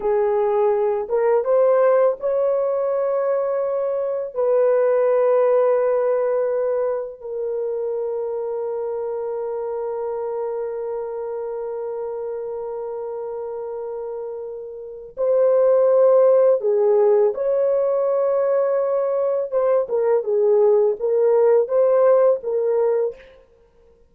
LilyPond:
\new Staff \with { instrumentName = "horn" } { \time 4/4 \tempo 4 = 83 gis'4. ais'8 c''4 cis''4~ | cis''2 b'2~ | b'2 ais'2~ | ais'1~ |
ais'1~ | ais'4 c''2 gis'4 | cis''2. c''8 ais'8 | gis'4 ais'4 c''4 ais'4 | }